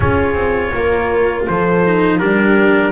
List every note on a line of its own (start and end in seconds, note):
0.00 0.34 C#4
0.00 1.84 F4
0.00 0.73 G#4
0.00 1.44 C#5
0.34 0.70 C4
0.74 1.47 A#3
0.74 1.48 A#4
1.46 2.20 F3
1.46 2.18 A4
1.46 2.18 C5
1.84 2.19 D#4
2.18 2.92 G3
2.18 2.92 D4
2.18 2.91 G4
2.18 2.92 A#4